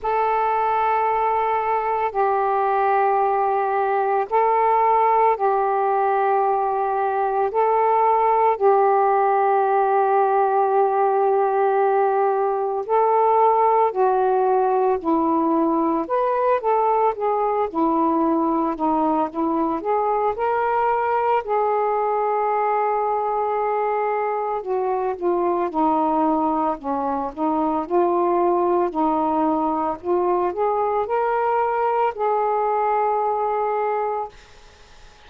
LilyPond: \new Staff \with { instrumentName = "saxophone" } { \time 4/4 \tempo 4 = 56 a'2 g'2 | a'4 g'2 a'4 | g'1 | a'4 fis'4 e'4 b'8 a'8 |
gis'8 e'4 dis'8 e'8 gis'8 ais'4 | gis'2. fis'8 f'8 | dis'4 cis'8 dis'8 f'4 dis'4 | f'8 gis'8 ais'4 gis'2 | }